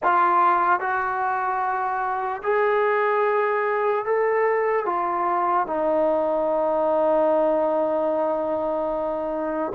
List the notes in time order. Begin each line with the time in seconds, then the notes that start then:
0.03 F4
0.80 F#4
2.43 G#4
4.05 A4
4.85 F4
5.66 D#4